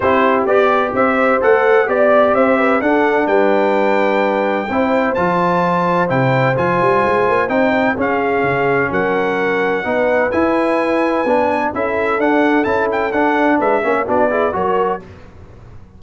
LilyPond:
<<
  \new Staff \with { instrumentName = "trumpet" } { \time 4/4 \tempo 4 = 128 c''4 d''4 e''4 fis''4 | d''4 e''4 fis''4 g''4~ | g''2. a''4~ | a''4 g''4 gis''2 |
g''4 f''2 fis''4~ | fis''2 gis''2~ | gis''4 e''4 fis''4 a''8 g''8 | fis''4 e''4 d''4 cis''4 | }
  \new Staff \with { instrumentName = "horn" } { \time 4/4 g'2 c''2 | d''4 c''8 b'8 a'4 b'4~ | b'2 c''2~ | c''1~ |
c''4 gis'2 ais'4~ | ais'4 b'2.~ | b'4 a'2.~ | a'4 b'8 cis''8 fis'8 gis'8 ais'4 | }
  \new Staff \with { instrumentName = "trombone" } { \time 4/4 e'4 g'2 a'4 | g'2 d'2~ | d'2 e'4 f'4~ | f'4 e'4 f'2 |
dis'4 cis'2.~ | cis'4 dis'4 e'2 | d'4 e'4 d'4 e'4 | d'4. cis'8 d'8 e'8 fis'4 | }
  \new Staff \with { instrumentName = "tuba" } { \time 4/4 c'4 b4 c'4 a4 | b4 c'4 d'4 g4~ | g2 c'4 f4~ | f4 c4 f8 g8 gis8 ais8 |
c'4 cis'4 cis4 fis4~ | fis4 b4 e'2 | b4 cis'4 d'4 cis'4 | d'4 gis8 ais8 b4 fis4 | }
>>